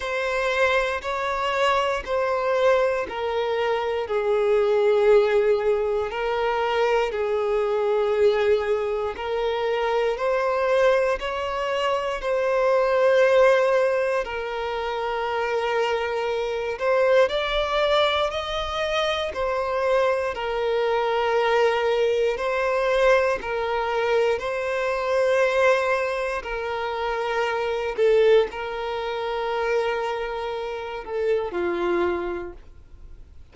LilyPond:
\new Staff \with { instrumentName = "violin" } { \time 4/4 \tempo 4 = 59 c''4 cis''4 c''4 ais'4 | gis'2 ais'4 gis'4~ | gis'4 ais'4 c''4 cis''4 | c''2 ais'2~ |
ais'8 c''8 d''4 dis''4 c''4 | ais'2 c''4 ais'4 | c''2 ais'4. a'8 | ais'2~ ais'8 a'8 f'4 | }